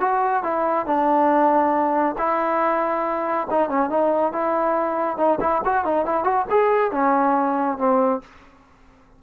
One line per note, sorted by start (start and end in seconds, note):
0.00 0.43 F#4
0.43 0.86 E4
0.86 2.15 D4
2.18 3.47 E4
3.50 3.69 D#4
3.69 3.89 C#4
3.89 4.32 D#4
4.32 5.17 E4
5.17 5.39 D#4
5.40 5.62 E4
5.65 5.84 F#4
5.84 6.05 D#4
6.05 6.24 E4
6.24 6.46 F#4
6.50 6.91 G#4
6.91 7.78 C#4
7.78 8.21 C4